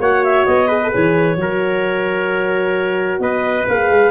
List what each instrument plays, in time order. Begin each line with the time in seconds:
0.00 tuba A#3, horn F#4, trumpet C#5, clarinet F#5
0.24 clarinet E5
0.45 tuba B3, clarinet D#5
0.68 horn G#4, trumpet B4
0.83 horn A4
0.90 tuba E3, horn G#4, clarinet C#5
1.36 tuba F#3, horn F#4, trumpet A#4
3.19 tuba B3, trumpet B4, clarinet D#5
3.68 tuba A#3, horn G#4, clarinet F5
3.90 tuba G#3